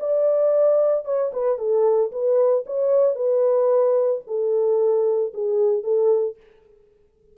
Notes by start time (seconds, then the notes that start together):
0.00 D5
1.05 C#5
1.33 B4
1.59 A4
2.12 B4
2.66 C#5
3.15 B4
4.27 A4
5.34 G#4
5.84 A4